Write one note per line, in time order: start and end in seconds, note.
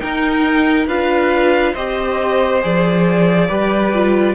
0.00 0.87 D#4
0.00 0.88 D#4
0.00 0.88 A#4
0.00 0.87 G5
0.88 1.75 D4
0.88 1.76 F4
0.88 1.74 B4
0.88 1.76 F5
1.74 2.64 C4
1.74 2.62 G4
1.74 3.48 C5
1.74 2.62 D#5
2.62 3.50 F3
2.62 3.49 G#4
2.62 4.35 D5
3.49 4.35 G3
3.49 3.93 G4
3.49 4.35 B4
3.94 4.35 F4